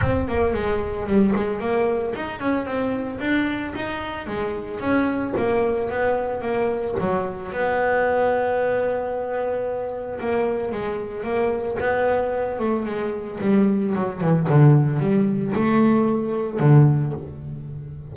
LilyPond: \new Staff \with { instrumentName = "double bass" } { \time 4/4 \tempo 4 = 112 c'8 ais8 gis4 g8 gis8 ais4 | dis'8 cis'8 c'4 d'4 dis'4 | gis4 cis'4 ais4 b4 | ais4 fis4 b2~ |
b2. ais4 | gis4 ais4 b4. a8 | gis4 g4 fis8 e8 d4 | g4 a2 d4 | }